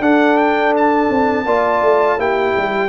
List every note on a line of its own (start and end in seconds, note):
0.00 1.08 D4
0.00 1.46 D4
0.00 1.46 A4
0.00 0.38 F#5
0.38 0.74 G5
0.77 2.20 A5
1.10 1.46 C4
1.46 1.82 A#3
1.46 2.19 F4
1.46 2.18 D5
1.82 2.18 A3
2.18 2.54 A#3
2.18 2.89 E4
2.18 2.89 G4
2.18 2.89 G5
2.58 2.89 G3